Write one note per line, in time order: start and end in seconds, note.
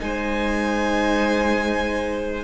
0.00 2.44 G#3
0.00 2.44 D#4
0.00 2.44 C5
0.00 2.44 G#5